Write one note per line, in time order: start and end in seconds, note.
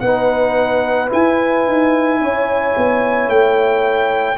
0.00 1.10 B3
0.00 1.08 D#4
0.00 2.20 B4
0.00 1.09 F#5
1.08 4.35 E4
1.08 1.67 E4
1.08 3.30 G#5
1.67 2.21 D#4
2.21 2.75 C#4
2.21 4.37 C#5
2.77 3.28 B3
3.28 4.37 A3
3.28 4.37 G5